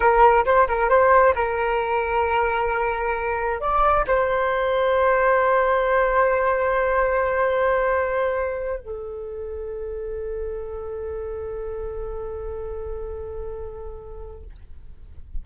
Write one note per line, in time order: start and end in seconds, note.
0.00 0.44 A#4
0.45 0.67 C5
0.68 0.89 A#4
0.89 1.34 C5
1.35 3.60 A#4
3.60 4.05 D5
4.07 8.80 C5
8.80 14.44 A4